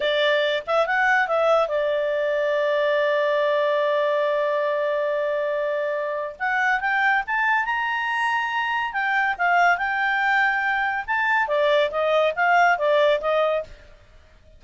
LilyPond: \new Staff \with { instrumentName = "clarinet" } { \time 4/4 \tempo 4 = 141 d''4. e''8 fis''4 e''4 | d''1~ | d''1~ | d''2. fis''4 |
g''4 a''4 ais''2~ | ais''4 g''4 f''4 g''4~ | g''2 a''4 d''4 | dis''4 f''4 d''4 dis''4 | }